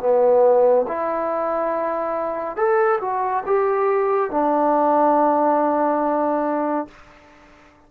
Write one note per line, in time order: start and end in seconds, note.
0.00 0.86 B3
0.88 2.57 E4
2.57 3.00 A4
3.01 3.44 F#4
3.46 4.31 G4
4.31 6.88 D4